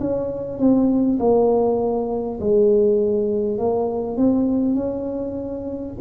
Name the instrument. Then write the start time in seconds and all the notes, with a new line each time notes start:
tuba
0.00 C#4
0.58 C4
1.19 A#3
2.40 G#3
3.58 A#3
4.17 C4
4.75 C#4